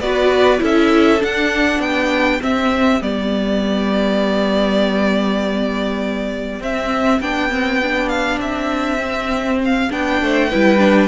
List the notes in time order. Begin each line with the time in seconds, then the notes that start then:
0.00 B3 F#4 B4 D5
0.58 C#4 E4 A4
0.64 E5
1.20 D4 F#5
1.79 B3 G4 G5
2.40 C4 E5
3.00 G3 B3 D5
6.59 C4 E5
7.20 B3 D4 G5
7.50 C4
7.82 D4
8.09 F5
8.39 C4 E5
8.98 C4
9.64 F5
9.90 B3 D4 G5
10.21 A3 C5
10.49 G3 E4 B4
10.78 D4